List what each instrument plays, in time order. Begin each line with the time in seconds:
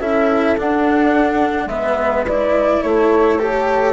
0.00 bassoon C#4, cello E4, horn A4, flute E5
0.58 cello D4, bassoon D4, flute F#5
1.66 bassoon G#3, cello B3, horn B4, flute E5
2.28 cello E4, flute D5
2.83 bassoon A3, horn A4, flute C#5
3.39 cello G4, flute A4, horn C#5